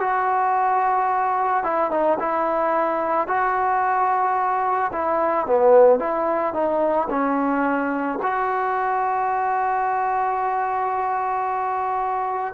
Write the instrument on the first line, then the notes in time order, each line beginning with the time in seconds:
trombone
0.00 F#4
1.63 E4
1.90 D#4
2.19 E4
3.27 F#4
4.92 E4
5.46 B3
5.99 E4
6.53 D#4
7.09 C#4
8.22 F#4